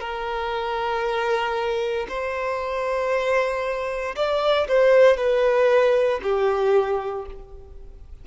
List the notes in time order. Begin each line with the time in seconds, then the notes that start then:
0.00 A#4
2.09 C5
4.16 D5
4.68 C5
5.17 B4
6.23 G4